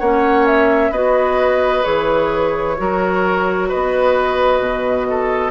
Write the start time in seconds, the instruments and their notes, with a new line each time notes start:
0.00 bassoon A#3, clarinet C#4, oboe C#5, flute F#5
0.47 flute E5
0.91 bassoon B3, clarinet F#4, oboe B4, flute D#5
1.83 bassoon E3, clarinet G#4, flute C#5
2.78 bassoon F#3, clarinet F#4, oboe A#4
3.69 bassoon B3, oboe B4, flute D#5
4.60 bassoon B2
5.10 oboe A4